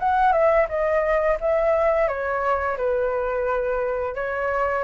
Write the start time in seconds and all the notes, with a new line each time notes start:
0.00 F#5
0.33 E5
0.69 D#5
1.40 E5
2.08 C#5
2.78 B4
4.15 C#5